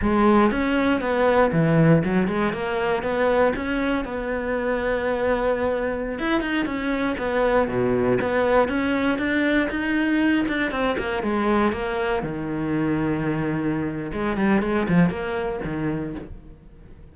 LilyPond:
\new Staff \with { instrumentName = "cello" } { \time 4/4 \tempo 4 = 119 gis4 cis'4 b4 e4 | fis8 gis8 ais4 b4 cis'4 | b1~ | b16 e'8 dis'8 cis'4 b4 b,8.~ |
b,16 b4 cis'4 d'4 dis'8.~ | dis'8. d'8 c'8 ais8 gis4 ais8.~ | ais16 dis2.~ dis8. | gis8 g8 gis8 f8 ais4 dis4 | }